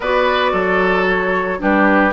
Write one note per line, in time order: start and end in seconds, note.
0.00 0.52 B3
0.00 1.58 F#4
0.00 0.51 B4
0.00 1.07 D5
0.51 1.59 F#3
0.51 1.57 A4
1.07 1.61 C#5
1.58 2.12 G3
1.58 2.11 D4
1.58 2.12 G4
1.58 2.12 B4